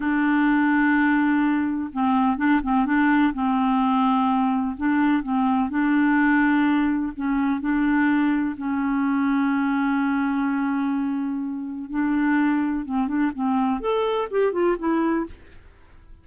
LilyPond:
\new Staff \with { instrumentName = "clarinet" } { \time 4/4 \tempo 4 = 126 d'1 | c'4 d'8 c'8 d'4 c'4~ | c'2 d'4 c'4 | d'2. cis'4 |
d'2 cis'2~ | cis'1~ | cis'4 d'2 c'8 d'8 | c'4 a'4 g'8 f'8 e'4 | }